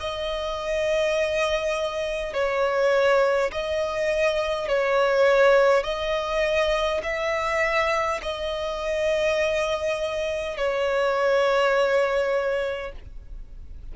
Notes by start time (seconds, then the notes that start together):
0.00 D#5
2.34 C#5
3.52 D#5
4.68 C#5
5.84 D#5
7.03 E5
8.22 D#5
10.57 C#5